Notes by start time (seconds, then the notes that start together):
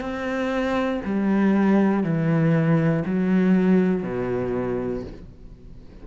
0.00 C4
1.05 G3
2.03 E3
3.05 F#3
4.03 B2